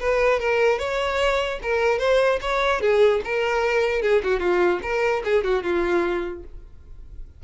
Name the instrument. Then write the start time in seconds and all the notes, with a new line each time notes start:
violin
0.00 B4
0.40 A#4
0.79 C#5
1.63 A#4
1.99 C5
2.42 C#5
2.81 G#4
3.25 A#4
4.02 G#4
4.24 F#4
4.40 F4
4.83 A#4
5.25 G#4
5.44 F#4
5.64 F4